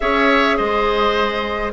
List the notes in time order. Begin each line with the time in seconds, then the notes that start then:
0.00 C#4 G#4 C#5 E5
0.57 G#3 C5 D#5